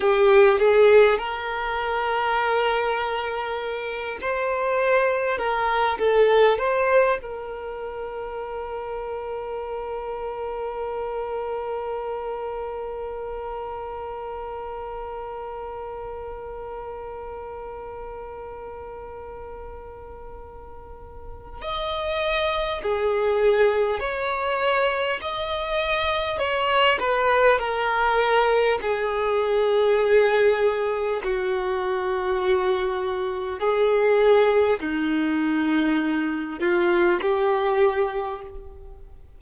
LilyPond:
\new Staff \with { instrumentName = "violin" } { \time 4/4 \tempo 4 = 50 g'8 gis'8 ais'2~ ais'8 c''8~ | c''8 ais'8 a'8 c''8 ais'2~ | ais'1~ | ais'1~ |
ais'2 dis''4 gis'4 | cis''4 dis''4 cis''8 b'8 ais'4 | gis'2 fis'2 | gis'4 dis'4. f'8 g'4 | }